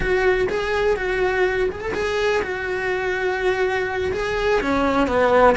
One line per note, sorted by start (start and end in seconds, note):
0.00 0.48 F#4
0.49 0.96 G#4
0.96 1.69 F#4
1.71 1.80 G#4
1.80 1.92 A4
1.93 2.42 G#4
2.42 4.12 F#4
4.12 4.60 G#4
4.61 5.07 C#4
5.07 5.56 B3